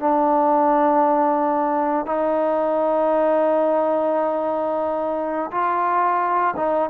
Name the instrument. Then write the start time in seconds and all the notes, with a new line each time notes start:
trombone
0.00 D4
2.07 D#4
5.51 F4
6.57 D#4